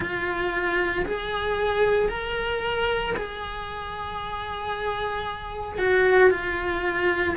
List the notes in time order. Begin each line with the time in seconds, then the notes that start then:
0.00 F4
1.05 G#4
2.09 A#4
3.16 G#4
5.78 F#4
6.30 F4